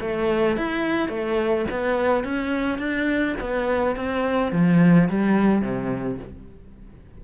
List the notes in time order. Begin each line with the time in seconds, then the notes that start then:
0.00 A3
0.56 E4
1.09 A3
1.70 B3
2.24 C#4
2.78 D4
3.40 B3
3.96 C4
4.52 F3
5.09 G3
5.61 C3